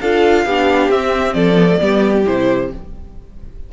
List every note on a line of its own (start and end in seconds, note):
0.00 0.45 D4
0.00 0.48 F4
0.00 0.45 A4
0.00 0.90 F5
0.45 0.88 B3
0.45 0.92 D4
0.45 1.34 G4
0.88 1.33 C4
0.88 1.56 C4
0.88 1.33 E5
1.33 1.79 F3
1.33 1.79 A4
1.33 2.23 D5
1.56 1.67 B3
1.69 1.78 A3
1.78 2.26 G3
1.78 2.23 B3
1.78 2.72 G4
2.25 2.72 C3
2.25 2.70 E4
2.25 2.71 C5